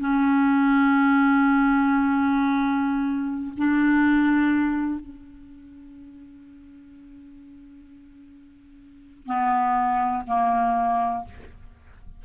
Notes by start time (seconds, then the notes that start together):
0.00 C#4
3.57 D4
5.00 C#4
9.26 B3
10.27 A#3